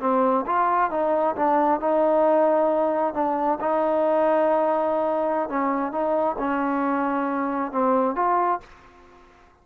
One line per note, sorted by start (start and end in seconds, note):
0.00 0.45 C4
0.46 0.91 F4
0.91 1.35 D#4
1.35 1.80 D4
1.80 3.13 D#4
3.13 3.58 D4
3.60 5.49 D#4
5.49 5.91 C#4
5.91 6.36 D#4
6.38 7.72 C#4
7.72 8.15 C4
8.15 8.60 F4